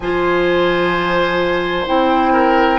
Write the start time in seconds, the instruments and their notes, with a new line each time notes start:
0.00 bassoon F3, clarinet F4, oboe C5, flute G#5
1.86 bassoon C4, clarinet E4, flute G5
2.32 oboe A#4